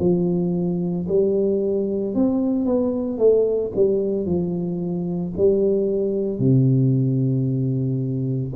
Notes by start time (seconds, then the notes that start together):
0.00 F3
1.09 G3
2.15 C4
2.66 B3
3.19 A3
3.76 G3
4.26 F3
5.37 G3
6.39 C3